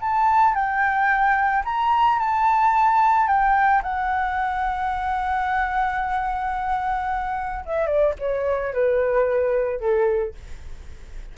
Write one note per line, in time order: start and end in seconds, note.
0.00 0.54 A5
0.54 1.63 G5
1.64 2.19 A#5
2.19 3.27 A5
3.27 3.82 G5
3.83 7.64 F#5
7.65 7.86 E5
7.86 8.13 D5
8.19 8.73 C#5
8.73 9.80 B4
9.80 10.34 A4